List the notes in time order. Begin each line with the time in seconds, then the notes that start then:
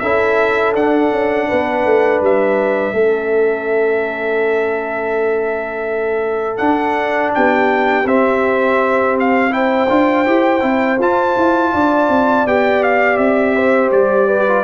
0.00 C#4 E4 A4 E5
0.75 D4 F#5
1.11 C#4
1.48 B3 B4
1.86 A3
2.21 G3 E5
2.93 A3 C#4 A4
6.58 D4 F#5
7.34 B3 G4 G5
8.05 C4 E5
9.20 F5
9.51 E4 C5 G5
9.89 D4 F4
10.26 E4 G4
10.61 C4 E4
10.98 F4 A5
11.37 E4
11.74 D4 D5
12.09 C4
12.46 B3 G4 G5
12.83 F5
13.17 C4 E5
13.55 C5
13.92 G3 D5
14.28 B4
14.48 F4